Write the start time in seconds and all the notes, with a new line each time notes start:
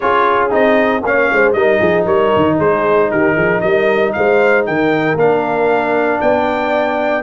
0.00 C#4 F4 G#4 C#5
0.50 C4 D#4 D#5
1.03 A#3 C#4 C#5 F5
1.32 G#3 C5
1.52 G3 D#4 A#4 D#5
1.79 F3 G#4
2.04 G3 A#4 C#5
2.35 D#3
2.58 G#3 G#4 C5
3.11 D#3 G4 A#4
3.34 F3 G#4
3.60 G3 A#4 D#5
4.12 G#3 C5 F5
4.66 D#3 A#4 G5
5.15 A#3 D4 F5
6.20 B3 D5 G5